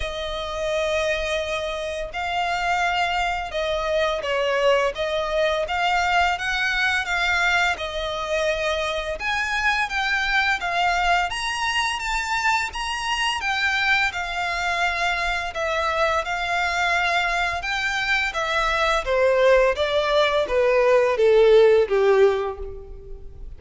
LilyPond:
\new Staff \with { instrumentName = "violin" } { \time 4/4 \tempo 4 = 85 dis''2. f''4~ | f''4 dis''4 cis''4 dis''4 | f''4 fis''4 f''4 dis''4~ | dis''4 gis''4 g''4 f''4 |
ais''4 a''4 ais''4 g''4 | f''2 e''4 f''4~ | f''4 g''4 e''4 c''4 | d''4 b'4 a'4 g'4 | }